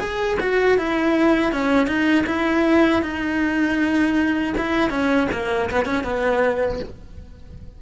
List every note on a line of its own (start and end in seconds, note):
0.00 0.38 G#4
0.40 0.78 F#4
0.78 1.52 E4
1.52 1.87 C#4
1.87 2.25 D#4
2.27 3.02 E4
3.02 4.54 D#4
4.58 4.90 E4
4.90 5.28 C#4
5.32 5.70 A#3
5.71 5.86 B3
5.86 6.04 C#4
6.04 6.80 B3